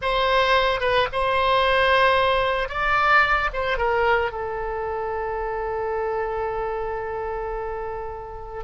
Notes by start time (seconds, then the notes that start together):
0.01 C5
0.80 B4
1.12 C5
2.68 D5
3.53 C5
3.77 A#4
4.31 A4